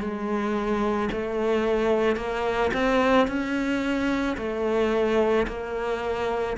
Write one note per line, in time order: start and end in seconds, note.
0.00 1.09 G#3
1.12 2.17 A3
2.17 2.71 A#3
2.74 3.28 C4
3.28 4.37 C#4
4.38 5.47 A3
5.47 6.57 A#3